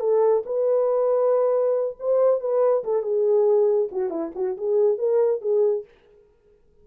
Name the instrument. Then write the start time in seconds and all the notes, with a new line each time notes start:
horn
0.00 A4
0.46 B4
1.99 C5
2.40 B4
2.84 A4
3.02 G#4
3.91 F#4
4.10 E4
4.35 F#4
4.57 G#4
4.98 A#4
5.41 G#4